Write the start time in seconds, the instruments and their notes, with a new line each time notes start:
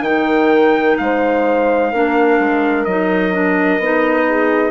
0.00 bassoon D#3, clarinet D#4, trumpet G5
0.08 horn A#4
0.97 bassoon G#3, horn C5, trumpet F5
1.92 bassoon A#3, clarinet D4, horn A#4
2.39 bassoon G#3
2.84 bassoon F#3, clarinet D#4, trumpet D#5
3.32 clarinet D4
3.78 bassoon B3, clarinet D#4
4.29 horn G#4